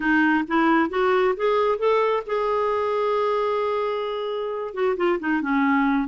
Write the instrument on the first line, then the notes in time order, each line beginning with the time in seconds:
clarinet
0.00 D#4
0.47 E4
0.89 F#4
1.36 G#4
1.78 A4
2.26 G#4
4.74 F#4
4.96 F4
5.19 D#4
5.41 C#4